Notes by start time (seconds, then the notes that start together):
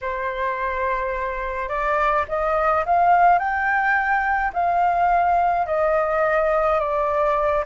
0.01 C5
1.68 D5
2.28 D#5
2.85 F5
3.39 G5
4.53 F5
5.66 D#5
6.79 D5